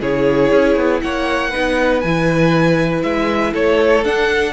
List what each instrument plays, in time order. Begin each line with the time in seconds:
0.00 cello C#3, viola E4, violin G#4 C#5
0.51 cello C#4
0.76 cello B3
1.00 cello A#3, violin C#5 F#5
1.50 cello B3, viola D#4, violin B4
2.00 cello E3, viola E4, violin G#5
3.03 cello G#3, violin E5
3.52 cello A3, violin A4 C#5
4.04 viola D4, cello D4, violin F#5